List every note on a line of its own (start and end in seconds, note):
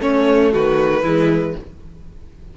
0.00 1.03 A3
0.00 0.53 A3
0.00 0.52 C#4
0.00 0.52 C#5
0.52 1.03 D#3
0.52 1.02 F#4
0.52 1.57 B4
1.02 1.55 E3
1.02 1.56 G#3
1.02 1.53 E4